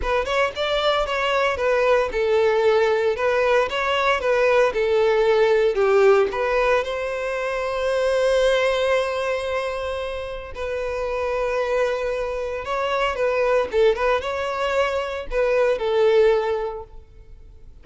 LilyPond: \new Staff \with { instrumentName = "violin" } { \time 4/4 \tempo 4 = 114 b'8 cis''8 d''4 cis''4 b'4 | a'2 b'4 cis''4 | b'4 a'2 g'4 | b'4 c''2.~ |
c''1 | b'1 | cis''4 b'4 a'8 b'8 cis''4~ | cis''4 b'4 a'2 | }